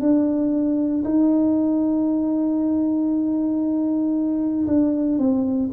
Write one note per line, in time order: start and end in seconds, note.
0.00 1.03 D4
1.04 4.66 D#4
4.66 5.18 D4
5.18 5.70 C4